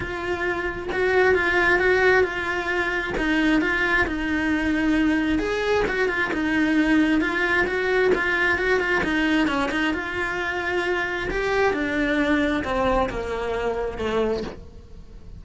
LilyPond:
\new Staff \with { instrumentName = "cello" } { \time 4/4 \tempo 4 = 133 f'2 fis'4 f'4 | fis'4 f'2 dis'4 | f'4 dis'2. | gis'4 fis'8 f'8 dis'2 |
f'4 fis'4 f'4 fis'8 f'8 | dis'4 cis'8 dis'8 f'2~ | f'4 g'4 d'2 | c'4 ais2 a4 | }